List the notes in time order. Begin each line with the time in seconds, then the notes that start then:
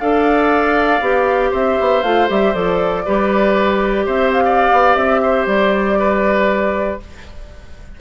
0.00 D4 A4 D5 F5
1.01 B3 G4
1.51 C4 C5 E5
1.80 B3
2.03 A3 F4 F5
2.28 G3 G4 E5
2.54 F3 A4 D5
3.06 G3 G4 B4
4.06 C4 C5 E5
4.33 F5
4.45 D5
4.72 B3
4.96 C4 E5
5.23 C5
5.47 G3 D5
5.99 B4